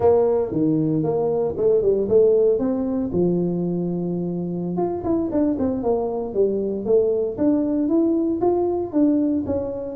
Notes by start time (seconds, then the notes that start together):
0.00 A#3
0.51 D#3
1.03 A#3
1.57 A3
1.82 G3
2.08 A3
2.58 C4
3.12 F3
4.76 F4
5.04 E4
5.31 D4
5.58 C4
5.82 A#3
6.34 G3
6.85 A3
7.37 D4
7.88 E4
8.40 F4
8.92 D4
9.46 C#4